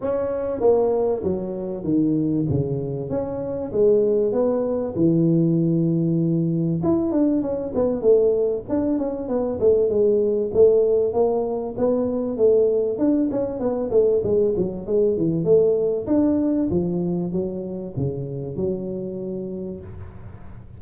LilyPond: \new Staff \with { instrumentName = "tuba" } { \time 4/4 \tempo 4 = 97 cis'4 ais4 fis4 dis4 | cis4 cis'4 gis4 b4 | e2. e'8 d'8 | cis'8 b8 a4 d'8 cis'8 b8 a8 |
gis4 a4 ais4 b4 | a4 d'8 cis'8 b8 a8 gis8 fis8 | gis8 e8 a4 d'4 f4 | fis4 cis4 fis2 | }